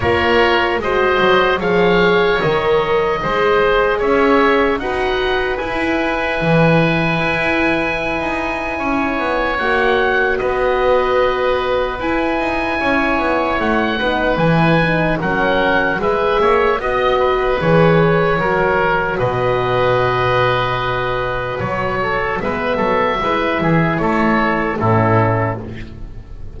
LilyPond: <<
  \new Staff \with { instrumentName = "oboe" } { \time 4/4 \tempo 4 = 75 cis''4 dis''4 f''4 dis''4~ | dis''4 e''4 fis''4 gis''4~ | gis''1 | fis''4 dis''2 gis''4~ |
gis''4 fis''4 gis''4 fis''4 | e''4 dis''4 cis''2 | dis''2. cis''4 | e''2 cis''4 a'4 | }
  \new Staff \with { instrumentName = "oboe" } { \time 4/4 ais'4 c''4 cis''2 | c''4 cis''4 b'2~ | b'2. cis''4~ | cis''4 b'2. |
cis''4. b'4. ais'4 | b'8 cis''8 dis''8 b'4. ais'4 | b'2.~ b'8 a'8 | b'8 a'8 b'8 gis'8 a'4 e'4 | }
  \new Staff \with { instrumentName = "horn" } { \time 4/4 f'4 fis'4 gis'4 ais'4 | gis'2 fis'4 e'4~ | e'1 | fis'2. e'4~ |
e'4. dis'8 e'8 dis'8 cis'4 | gis'4 fis'4 gis'4 fis'4~ | fis'1 | b4 e'2 cis'4 | }
  \new Staff \with { instrumentName = "double bass" } { \time 4/4 ais4 gis8 fis8 f4 dis4 | gis4 cis'4 dis'4 e'4 | e4 e'4~ e'16 dis'8. cis'8 b8 | ais4 b2 e'8 dis'8 |
cis'8 b8 a8 b8 e4 fis4 | gis8 ais8 b4 e4 fis4 | b,2. fis4 | gis8 fis8 gis8 e8 a4 a,4 | }
>>